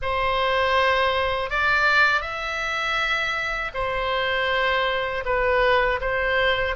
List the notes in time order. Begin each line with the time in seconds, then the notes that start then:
0.02 C5
1.50 D5
2.21 E5
3.74 C5
5.25 B4
6.00 C5